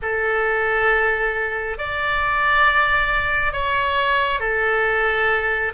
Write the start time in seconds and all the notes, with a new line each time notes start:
0.02 A4
1.78 D5
3.53 C#5
4.40 A4